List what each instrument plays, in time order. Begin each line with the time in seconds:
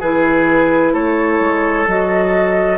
0.00 bassoon E3, clarinet E4, oboe G#4, flute B4
0.93 bassoon A3, oboe A4, flute C#5
1.40 bassoon G#3
1.87 bassoon F#3, clarinet F#4, flute D#5